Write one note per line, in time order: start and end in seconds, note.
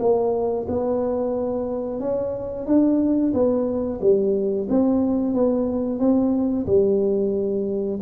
0.00 0.67 A#3
0.69 2.00 B3
2.00 2.67 C#4
2.67 3.33 D4
3.34 4.01 B3
4.01 4.68 G3
4.70 5.34 C4
5.34 6.00 B3
6.00 6.66 C4
6.67 8.00 G3